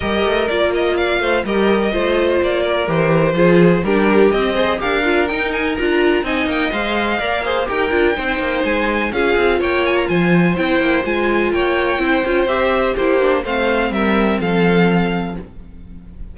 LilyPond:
<<
  \new Staff \with { instrumentName = "violin" } { \time 4/4 \tempo 4 = 125 dis''4 d''8 dis''8 f''4 dis''4~ | dis''4 d''4 c''2 | ais'4 dis''4 f''4 g''8 gis''8 | ais''4 gis''8 g''8 f''2 |
g''2 gis''4 f''4 | g''8 gis''16 ais''16 gis''4 g''4 gis''4 | g''2 e''4 c''4 | f''4 e''4 f''2 | }
  \new Staff \with { instrumentName = "violin" } { \time 4/4 ais'2 d''8 c''8 ais'4 | c''4. ais'4. gis'4 | g'4. c''8 ais'2~ | ais'4 dis''2 d''8 c''8 |
ais'4 c''2 gis'4 | cis''4 c''2. | cis''4 c''2 g'4 | c''4 ais'4 a'2 | }
  \new Staff \with { instrumentName = "viola" } { \time 4/4 g'4 f'2 g'4 | f'2 g'4 f'4 | d'4 c'8 gis'8 g'8 f'8 dis'4 | f'4 dis'4 c''4 ais'8 gis'8 |
g'8 f'8 dis'2 f'4~ | f'2 e'4 f'4~ | f'4 e'8 f'8 g'4 e'8 d'8 | c'1 | }
  \new Staff \with { instrumentName = "cello" } { \time 4/4 g8 a8 ais4. a8 g4 | a4 ais4 e4 f4 | g4 c'4 d'4 dis'4 | d'4 c'8 ais8 gis4 ais4 |
dis'8 d'8 c'8 ais8 gis4 cis'8 c'8 | ais4 f4 c'8 ais8 gis4 | ais4 c'8 cis'8 c'4 ais4 | a4 g4 f2 | }
>>